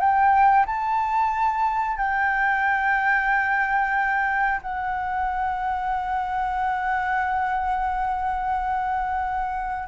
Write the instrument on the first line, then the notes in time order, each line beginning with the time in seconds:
flute
0.00 G5
0.66 A5
1.97 G5
4.62 F#5